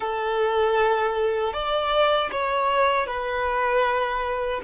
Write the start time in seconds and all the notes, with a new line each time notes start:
0.00 A4
1.53 D5
2.31 C#5
3.06 B4